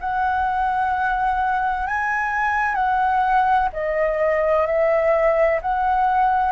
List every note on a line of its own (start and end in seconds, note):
0.00 1.87 F#5
1.87 2.75 G#5
2.75 3.69 F#5
3.72 4.66 D#5
4.66 5.60 E5
5.61 6.52 F#5